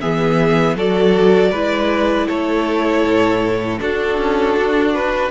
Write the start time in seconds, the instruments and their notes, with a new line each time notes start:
0.00 cello E3, viola B3, violin G#4 E5
0.75 cello F#3, viola F#4, violin A4 D5
1.51 cello G#3, viola E4, violin B4
2.28 cello A3, violin A4 C#5
3.04 cello A2
3.79 viola D4, cello D4, violin F#4 A4
4.18 cello C#4
4.57 cello D4
4.94 violin B4